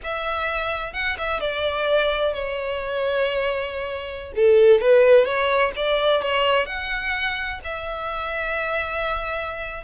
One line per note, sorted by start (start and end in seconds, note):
0.03 0.93 E5
0.93 1.16 F#5
1.18 1.40 E5
1.40 2.33 D5
2.33 4.33 C#5
4.35 4.80 A4
4.80 5.25 B4
5.25 5.72 C#5
5.75 6.22 D5
6.22 6.66 C#5
6.66 7.59 F#5
7.63 9.84 E5